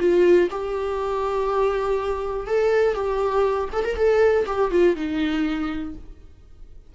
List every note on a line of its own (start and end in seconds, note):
0.00 0.50 F4
0.51 2.47 G4
2.47 2.95 A4
2.95 3.69 G4
3.73 3.85 A4
3.85 3.96 A#4
3.96 4.46 A4
4.47 4.71 G4
4.71 4.96 F4
4.96 5.95 D#4